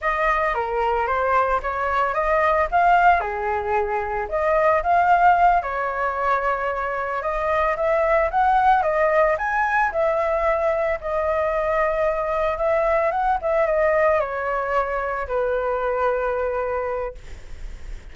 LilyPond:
\new Staff \with { instrumentName = "flute" } { \time 4/4 \tempo 4 = 112 dis''4 ais'4 c''4 cis''4 | dis''4 f''4 gis'2 | dis''4 f''4. cis''4.~ | cis''4. dis''4 e''4 fis''8~ |
fis''8 dis''4 gis''4 e''4.~ | e''8 dis''2. e''8~ | e''8 fis''8 e''8 dis''4 cis''4.~ | cis''8 b'2.~ b'8 | }